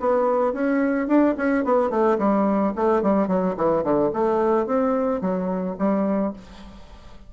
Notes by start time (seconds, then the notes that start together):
0.00 B3
0.53 C#4
1.08 D4
1.37 C#4
1.65 B3
1.90 A3
2.19 G3
2.76 A3
3.03 G3
3.28 F#3
3.57 E3
3.84 D3
4.13 A3
4.66 C4
5.21 F#3
5.78 G3